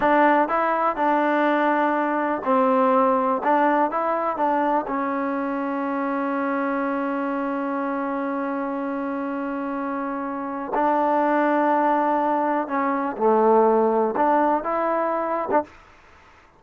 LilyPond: \new Staff \with { instrumentName = "trombone" } { \time 4/4 \tempo 4 = 123 d'4 e'4 d'2~ | d'4 c'2 d'4 | e'4 d'4 cis'2~ | cis'1~ |
cis'1~ | cis'2 d'2~ | d'2 cis'4 a4~ | a4 d'4 e'4.~ e'16 d'16 | }